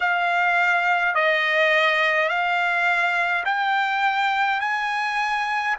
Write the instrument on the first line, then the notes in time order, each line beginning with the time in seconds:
trumpet
0.00 F5
1.14 D#5
2.28 F5
3.45 G5
4.60 G#5